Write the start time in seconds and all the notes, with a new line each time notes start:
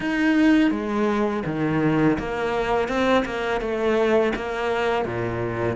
0.00 D#4
0.70 G#3
1.45 D#3
2.19 A#3
2.88 C4
3.25 A#3
3.60 A3
4.35 A#3
5.05 A#2